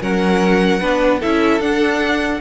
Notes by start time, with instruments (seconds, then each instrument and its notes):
0.00 cello F#3, viola C#4, violin A#4 F#5
0.80 cello B3, viola D4, violin B4
1.19 cello C#4, viola E4, violin A4 E5
1.60 cello D4, viola D4, violin F#5